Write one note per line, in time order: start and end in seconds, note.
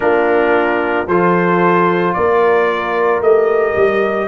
0.00 1.07 A#3
0.00 1.06 D4
0.00 1.07 F4
0.00 1.07 A#4
1.07 2.14 F3
1.07 3.23 F4
1.07 2.14 A4
1.07 2.13 C5
2.13 3.20 A#3
2.13 4.28 A#4
2.13 3.20 D5
3.20 3.74 A3
3.20 4.28 G4
3.20 4.28 D#5
3.75 4.28 G3